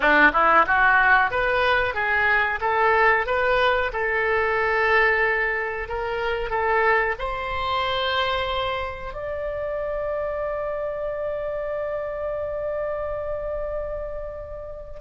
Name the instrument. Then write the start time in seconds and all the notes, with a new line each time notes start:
oboe
0.00 D4
0.33 E4
0.67 F#4
1.30 B4
1.94 G#4
2.61 A4
3.26 B4
3.92 A4
5.88 A#4
6.50 A4
7.19 C5
9.13 D5